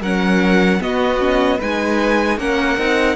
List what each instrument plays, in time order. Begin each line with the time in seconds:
0.00 cello F#3, viola C#4, violin A#4 F#5
0.80 viola B3, cello B3, violin F#4 D#5
1.19 viola C#4
1.58 cello G#3, viola D#4, violin B4 G#5
2.37 cello A#3, viola C#4, violin A#4 F#5
2.78 cello C4, viola D#4